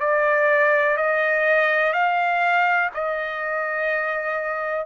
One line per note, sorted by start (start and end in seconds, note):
0.00 0.96 D5
0.96 1.93 D#5
1.93 2.89 F5
2.94 4.86 D#5